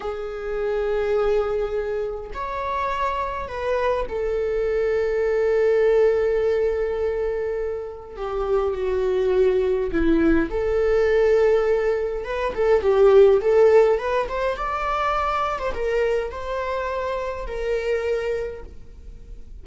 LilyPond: \new Staff \with { instrumentName = "viola" } { \time 4/4 \tempo 4 = 103 gis'1 | cis''2 b'4 a'4~ | a'1~ | a'2 g'4 fis'4~ |
fis'4 e'4 a'2~ | a'4 b'8 a'8 g'4 a'4 | b'8 c''8 d''4.~ d''16 c''16 ais'4 | c''2 ais'2 | }